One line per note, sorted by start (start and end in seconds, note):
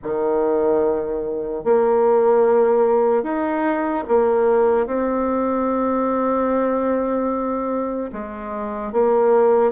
0.03 1.64 D#3
1.64 3.22 A#3
3.22 4.04 D#4
4.08 4.86 A#3
4.86 8.10 C4
8.12 8.92 G#3
8.92 9.71 A#3